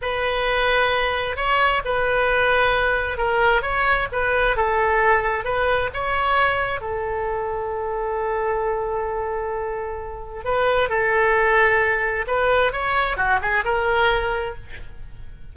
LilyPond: \new Staff \with { instrumentName = "oboe" } { \time 4/4 \tempo 4 = 132 b'2. cis''4 | b'2. ais'4 | cis''4 b'4 a'2 | b'4 cis''2 a'4~ |
a'1~ | a'2. b'4 | a'2. b'4 | cis''4 fis'8 gis'8 ais'2 | }